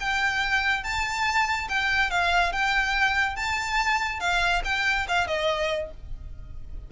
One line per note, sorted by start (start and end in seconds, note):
0.00 0.84 G5
0.84 1.68 A5
1.69 2.10 G5
2.10 2.52 F5
2.52 3.36 G5
3.36 4.20 A5
4.20 4.62 F5
4.64 5.06 G5
5.08 5.27 F5
5.27 5.90 D#5